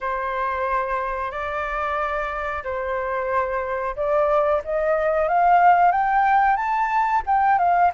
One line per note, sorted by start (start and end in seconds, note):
0.01 1.31 C5
1.31 2.63 D5
2.63 3.95 C5
3.96 4.62 D5
4.64 5.28 D#5
5.28 5.91 F5
5.91 6.56 G5
6.56 7.22 A5
7.26 7.58 G5
7.58 7.91 F5